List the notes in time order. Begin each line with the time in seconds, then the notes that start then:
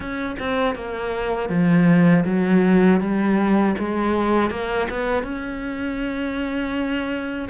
0.00 C#4
0.39 C4
0.75 A#3
1.49 F3
2.25 F#3
3.00 G3
3.78 G#3
4.50 A#3
4.90 B3
5.23 C#4